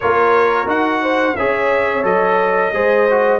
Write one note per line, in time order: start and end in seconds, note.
0.00 0.66 A#3
0.00 0.66 F4
0.00 1.02 A#4
0.00 0.68 C#5
0.66 1.35 D#4
0.66 1.34 F#4
0.66 1.36 F#5
1.02 1.36 C5
1.36 2.03 C#4
1.36 2.03 G#4
1.36 2.74 C#5
1.36 2.04 E5
2.03 2.71 F#3
2.03 2.71 A4
2.03 3.39 D#5
2.72 3.39 G#3
2.72 3.08 G#4
2.72 3.39 C5
3.10 3.39 F#4